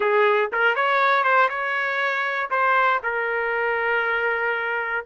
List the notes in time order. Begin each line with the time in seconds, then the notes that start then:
0.00 G#4
0.52 A#4
0.75 C#5
1.23 C5
1.49 C#5
2.50 C5
3.03 A#4